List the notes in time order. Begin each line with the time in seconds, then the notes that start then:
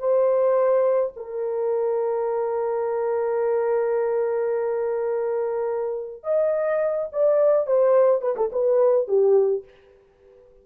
0.00 C5
1.17 A#4
6.24 D#5
7.12 D5
7.67 C5
8.22 B4
8.37 A4
8.53 B4
9.08 G4